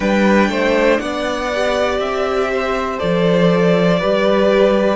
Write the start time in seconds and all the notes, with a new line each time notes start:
0.00 G3 D4 B4 G5
0.48 A3 C5
0.98 B3 D5 F#5
1.52 G4
1.99 C4 E5
2.51 C5
2.98 F3 A4 D5
3.99 G3 G4 B4